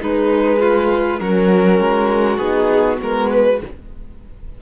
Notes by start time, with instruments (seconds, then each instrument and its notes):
0.00 cello G#3, violin D#4 B4, horn G#4
0.60 violin F4
1.19 cello F#3, horn C#4, violin F#4 A#4
1.81 cello G#3
2.37 cello B3, horn D#4, violin G#4
2.98 cello G#3, horn B3, violin A#4
3.31 violin B4